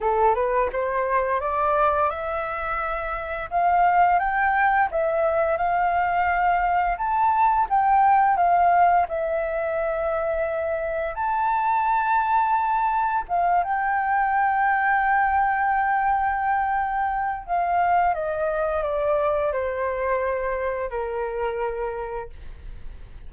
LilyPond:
\new Staff \with { instrumentName = "flute" } { \time 4/4 \tempo 4 = 86 a'8 b'8 c''4 d''4 e''4~ | e''4 f''4 g''4 e''4 | f''2 a''4 g''4 | f''4 e''2. |
a''2. f''8 g''8~ | g''1~ | g''4 f''4 dis''4 d''4 | c''2 ais'2 | }